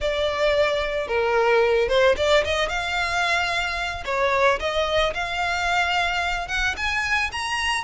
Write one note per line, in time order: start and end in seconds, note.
0.00 1.07 D5
1.07 1.88 A#4
1.88 2.15 C5
2.16 2.43 D5
2.44 2.69 D#5
2.69 4.04 F5
4.05 4.59 C#5
4.59 5.13 D#5
5.14 6.48 F5
6.48 6.75 F#5
6.76 7.30 G#5
7.32 7.84 A#5